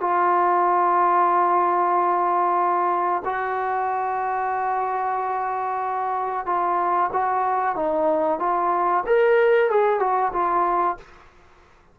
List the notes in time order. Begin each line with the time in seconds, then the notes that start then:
0.00 F4
3.25 F#4
6.45 F4
7.13 F#4
7.75 D#4
8.39 F4
9.06 A#4
9.69 G#4
9.99 F#4
10.33 F4